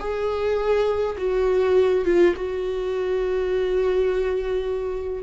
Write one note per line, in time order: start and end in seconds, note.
0.00 1.17 G#4
1.18 2.05 F#4
2.05 2.34 F4
2.36 5.23 F#4